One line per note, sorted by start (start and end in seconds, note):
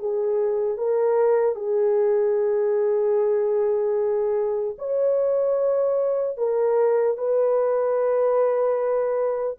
0.00 0.78 G#4
0.78 1.56 A#4
1.56 4.76 G#4
4.79 6.38 C#5
6.38 7.18 A#4
7.18 9.58 B4